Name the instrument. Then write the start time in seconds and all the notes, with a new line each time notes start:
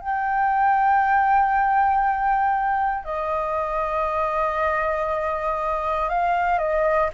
flute
0.00 G5
3.04 D#5
6.09 F5
6.58 D#5